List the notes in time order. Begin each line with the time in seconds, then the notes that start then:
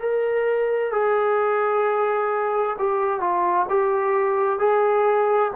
0.00 A#4
0.92 G#4
2.79 G4
3.21 F4
3.70 G4
4.59 G#4